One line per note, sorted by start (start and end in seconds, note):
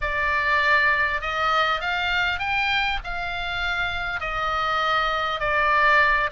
0.01 1.21 D5
1.21 1.80 D#5
1.80 2.39 F5
2.39 2.99 G5
3.04 4.20 F5
4.20 5.40 D#5
5.40 6.30 D5